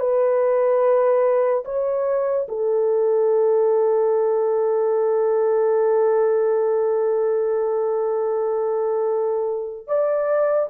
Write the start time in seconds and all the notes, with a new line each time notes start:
0.00 B4
1.65 C#5
2.48 A4
9.87 D5